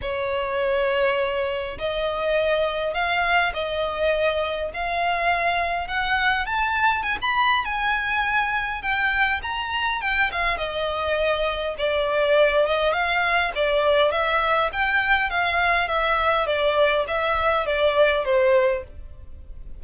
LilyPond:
\new Staff \with { instrumentName = "violin" } { \time 4/4 \tempo 4 = 102 cis''2. dis''4~ | dis''4 f''4 dis''2 | f''2 fis''4 a''4 | gis''16 b''8. gis''2 g''4 |
ais''4 g''8 f''8 dis''2 | d''4. dis''8 f''4 d''4 | e''4 g''4 f''4 e''4 | d''4 e''4 d''4 c''4 | }